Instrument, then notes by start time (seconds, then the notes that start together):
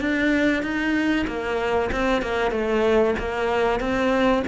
cello
0.00 D4
0.62 D#4
1.27 A#3
1.91 C4
2.22 A#3
2.51 A3
3.18 A#3
3.80 C4